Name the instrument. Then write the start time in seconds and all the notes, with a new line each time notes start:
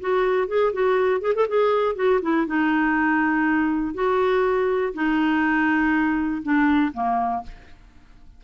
clarinet
0.00 F#4
0.48 G#4
0.73 F#4
1.21 G#4
1.35 A4
1.48 G#4
1.95 F#4
2.22 E4
2.47 D#4
3.94 F#4
4.93 D#4
6.42 D4
6.93 A#3